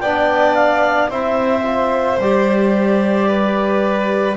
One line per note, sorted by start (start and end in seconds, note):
0.00 1.09 B3
0.00 1.11 D4
0.00 1.10 D5
0.00 0.55 G5
0.55 1.09 F5
1.09 2.18 C4
1.09 1.64 E4
1.09 3.28 C5
1.09 2.20 E5
1.64 2.19 F4
2.18 4.36 G3
2.18 4.37 G4
2.18 4.37 D5
3.28 4.37 B4